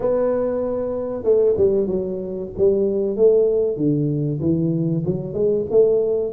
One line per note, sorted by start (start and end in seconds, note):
0.00 1.23 B3
1.23 1.55 A3
1.57 1.86 G3
1.86 2.49 F#3
2.57 3.16 G3
3.16 3.76 A3
3.76 4.40 D3
4.40 5.03 E3
5.05 5.33 F#3
5.33 5.65 G#3
5.70 6.32 A3